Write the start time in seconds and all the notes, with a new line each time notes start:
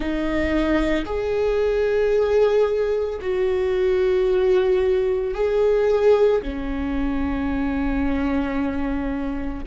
0.00 D#4
1.05 G#4
3.21 F#4
5.34 G#4
6.42 C#4